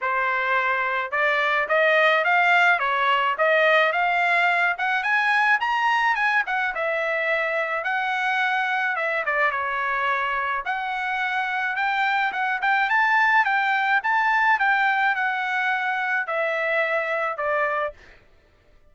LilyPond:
\new Staff \with { instrumentName = "trumpet" } { \time 4/4 \tempo 4 = 107 c''2 d''4 dis''4 | f''4 cis''4 dis''4 f''4~ | f''8 fis''8 gis''4 ais''4 gis''8 fis''8 | e''2 fis''2 |
e''8 d''8 cis''2 fis''4~ | fis''4 g''4 fis''8 g''8 a''4 | g''4 a''4 g''4 fis''4~ | fis''4 e''2 d''4 | }